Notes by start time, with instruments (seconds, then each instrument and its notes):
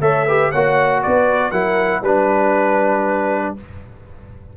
0.00 tuba A3, trombone A4, horn C#5, trumpet E5
0.26 trombone G4, horn B4
0.51 tuba A#3, trombone F#4, horn C#5, trumpet F#5
1.02 tuba B3, horn B4, trumpet D5
1.51 tuba F#3, trombone E4, horn A#4, trumpet F#5
2.01 tuba G3, trombone D4, horn B4, trumpet B4